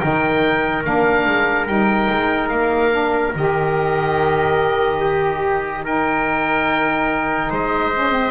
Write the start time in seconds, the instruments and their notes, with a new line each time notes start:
0.00 double bass D#3, saxophone D#4, trumpet A#4, oboe G5
0.84 double bass A#3, saxophone D4, oboe F5
1.27 double bass G#3
1.68 double bass G3, saxophone D#4, oboe G5
2.11 double bass G#3
2.50 double bass A#3, oboe F5
2.91 saxophone D4
3.35 double bass D#3, saxophone G4, oboe D#5
5.01 trumpet G4
5.85 saxophone D#4, trumpet A#4, oboe G5
7.50 double bass G#3, trumpet C5, oboe D#5
7.93 saxophone C#4
8.12 saxophone C4